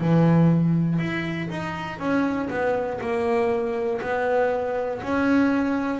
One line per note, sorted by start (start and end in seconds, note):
0.00 0.99 E3
0.99 1.49 E4
1.50 1.99 D#4
1.99 2.49 C#4
2.50 3.00 B3
3.00 4.00 A#3
4.01 5.01 B3
5.03 6.00 C#4